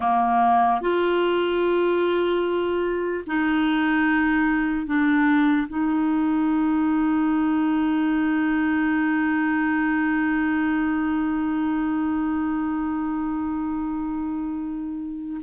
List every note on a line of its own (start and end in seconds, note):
0.00 0.81 A#3
0.81 3.24 F4
3.27 4.86 D#4
4.86 5.67 D4
5.68 15.41 D#4